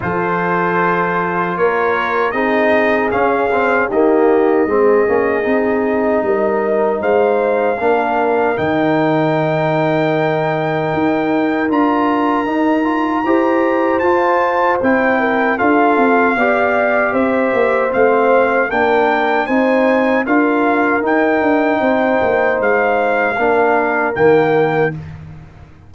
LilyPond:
<<
  \new Staff \with { instrumentName = "trumpet" } { \time 4/4 \tempo 4 = 77 c''2 cis''4 dis''4 | f''4 dis''2.~ | dis''4 f''2 g''4~ | g''2. ais''4~ |
ais''2 a''4 g''4 | f''2 e''4 f''4 | g''4 gis''4 f''4 g''4~ | g''4 f''2 g''4 | }
  \new Staff \with { instrumentName = "horn" } { \time 4/4 a'2 ais'4 gis'4~ | gis'4 g'4 gis'2 | ais'4 c''4 ais'2~ | ais'1~ |
ais'4 c''2~ c''8 ais'8 | a'4 d''4 c''2 | ais'4 c''4 ais'2 | c''2 ais'2 | }
  \new Staff \with { instrumentName = "trombone" } { \time 4/4 f'2. dis'4 | cis'8 c'8 ais4 c'8 cis'8 dis'4~ | dis'2 d'4 dis'4~ | dis'2. f'4 |
dis'8 f'8 g'4 f'4 e'4 | f'4 g'2 c'4 | d'4 dis'4 f'4 dis'4~ | dis'2 d'4 ais4 | }
  \new Staff \with { instrumentName = "tuba" } { \time 4/4 f2 ais4 c'4 | cis'4 dis'4 gis8 ais8 c'4 | g4 gis4 ais4 dis4~ | dis2 dis'4 d'4 |
dis'4 e'4 f'4 c'4 | d'8 c'8 b4 c'8 ais8 a4 | ais4 c'4 d'4 dis'8 d'8 | c'8 ais8 gis4 ais4 dis4 | }
>>